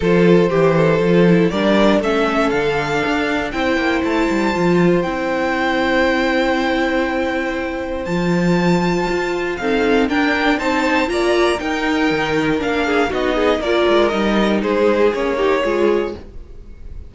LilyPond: <<
  \new Staff \with { instrumentName = "violin" } { \time 4/4 \tempo 4 = 119 c''2. d''4 | e''4 f''2 g''4 | a''2 g''2~ | g''1 |
a''2. f''4 | g''4 a''4 ais''4 g''4~ | g''4 f''4 dis''4 d''4 | dis''4 c''4 cis''2 | }
  \new Staff \with { instrumentName = "violin" } { \time 4/4 a'4 g'8 a'4. ais'4 | a'2. c''4~ | c''1~ | c''1~ |
c''2. a'4 | ais'4 c''4 d''4 ais'4~ | ais'4. gis'8 fis'8 gis'8 ais'4~ | ais'4 gis'4. g'8 gis'4 | }
  \new Staff \with { instrumentName = "viola" } { \time 4/4 f'4 g'4 f'8 e'8 d'4 | cis'4 d'2 e'4~ | e'4 f'4 e'2~ | e'1 |
f'2. c'4 | d'4 dis'4 f'4 dis'4~ | dis'4 d'4 dis'4 f'4 | dis'2 cis'8 dis'8 f'4 | }
  \new Staff \with { instrumentName = "cello" } { \time 4/4 f4 e4 f4 g4 | a4 d4 d'4 c'8 ais8 | a8 g8 f4 c'2~ | c'1 |
f2 f'4 dis'4 | d'4 c'4 ais4 dis'4 | dis4 ais4 b4 ais8 gis8 | g4 gis4 ais4 gis4 | }
>>